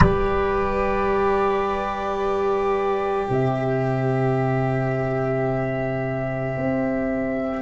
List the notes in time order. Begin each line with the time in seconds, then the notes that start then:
0.00 G3 G4 B4 D5
3.26 C3 C5 E5
6.57 C4